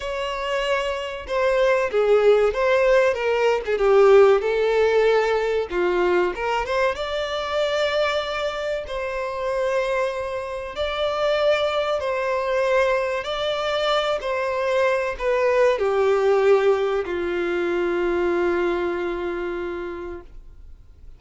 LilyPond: \new Staff \with { instrumentName = "violin" } { \time 4/4 \tempo 4 = 95 cis''2 c''4 gis'4 | c''4 ais'8. gis'16 g'4 a'4~ | a'4 f'4 ais'8 c''8 d''4~ | d''2 c''2~ |
c''4 d''2 c''4~ | c''4 d''4. c''4. | b'4 g'2 f'4~ | f'1 | }